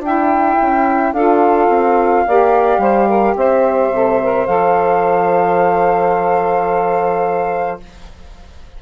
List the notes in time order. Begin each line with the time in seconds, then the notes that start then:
0.00 D4 E4 E5 G5
0.61 C#4
1.12 D4 F4 A4 F5
1.69 C4
2.27 A#3 G4 D5
2.78 G3 C5
3.08 A#4
3.36 C4 C5 E5
3.90 C3 A4
4.22 A#4
4.46 F3 A4 F5